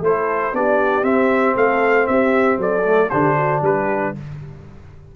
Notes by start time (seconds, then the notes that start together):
0.00 A3 E4 A4 C5
0.52 B3 D4 G4 D5
1.02 C4 E5
1.56 A3 A4 F5
2.06 C4 G4 E5
2.57 F#3 A4 D5
2.85 A3
3.09 D3 D4 G4 C5
3.36 F#4
3.61 G3 G4 B4